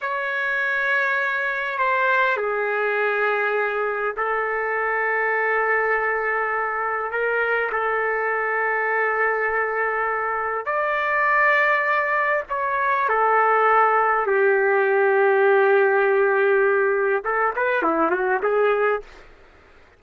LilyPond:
\new Staff \with { instrumentName = "trumpet" } { \time 4/4 \tempo 4 = 101 cis''2. c''4 | gis'2. a'4~ | a'1 | ais'4 a'2.~ |
a'2 d''2~ | d''4 cis''4 a'2 | g'1~ | g'4 a'8 b'8 e'8 fis'8 gis'4 | }